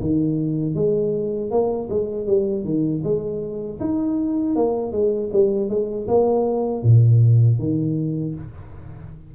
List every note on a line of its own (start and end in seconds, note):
0.00 0.75 D#3
0.75 1.50 G#3
1.50 1.88 A#3
1.89 2.26 G#3
2.26 2.64 G3
2.64 3.02 D#3
3.03 3.79 G#3
3.79 4.55 D#4
4.55 4.92 A#3
4.92 5.30 G#3
5.32 5.69 G3
5.69 6.07 G#3
6.07 6.83 A#3
6.83 7.58 A#2
7.58 8.34 D#3